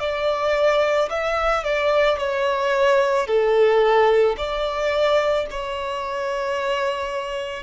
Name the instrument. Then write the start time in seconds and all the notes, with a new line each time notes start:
violin
0.00 D5
1.10 E5
1.64 D5
2.18 C#5
3.27 A4
4.37 D5
5.50 C#5